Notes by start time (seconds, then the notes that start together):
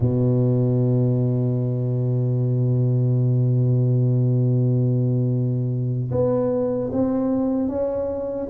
0.00 B2
6.11 B3
6.92 C4
7.68 C#4